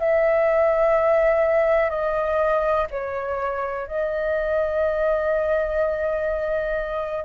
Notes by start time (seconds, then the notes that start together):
0.00 E5
1.90 D#5
2.91 C#5
3.88 D#5